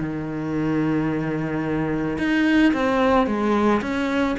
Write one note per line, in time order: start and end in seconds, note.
0.00 2.18 D#3
2.18 2.73 D#4
2.73 3.27 C4
3.27 3.81 G#3
3.82 4.36 C#4